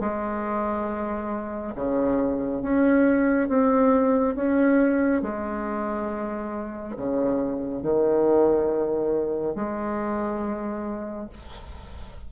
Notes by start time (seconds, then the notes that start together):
0.00 G#3
1.75 C#3
2.62 C#4
3.49 C4
4.36 C#4
5.22 G#3
6.96 C#3
7.83 D#3
9.55 G#3